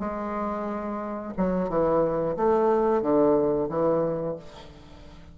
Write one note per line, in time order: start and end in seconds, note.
0.00 1.33 G#3
1.38 1.69 F#3
1.69 2.36 E3
2.37 3.02 A3
3.02 3.69 D3
3.70 4.36 E3